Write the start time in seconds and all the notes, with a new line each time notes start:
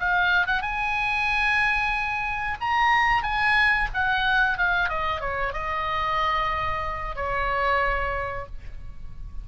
0.00 F5
0.47 F#5
0.62 G#5
2.61 A#5
3.23 G#5
3.94 F#5
4.58 F5
4.89 D#5
5.21 C#5
5.53 D#5
7.16 C#5